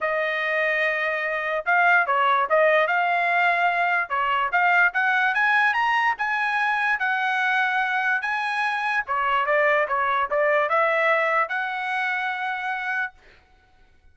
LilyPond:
\new Staff \with { instrumentName = "trumpet" } { \time 4/4 \tempo 4 = 146 dis''1 | f''4 cis''4 dis''4 f''4~ | f''2 cis''4 f''4 | fis''4 gis''4 ais''4 gis''4~ |
gis''4 fis''2. | gis''2 cis''4 d''4 | cis''4 d''4 e''2 | fis''1 | }